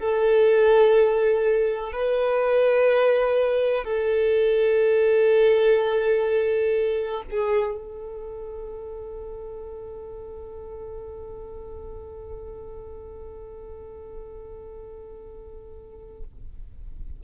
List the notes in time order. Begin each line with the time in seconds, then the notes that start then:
0.00 A4
1.93 B4
3.85 A4
7.31 G#4
7.77 A4